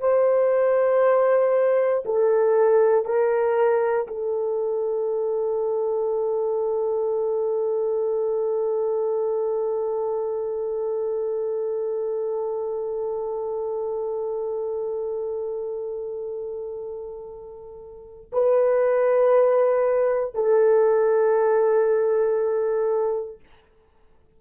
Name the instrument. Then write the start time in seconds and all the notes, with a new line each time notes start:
horn
0.00 C5
2.05 A4
3.05 A#4
4.07 A4
18.32 B4
20.34 A4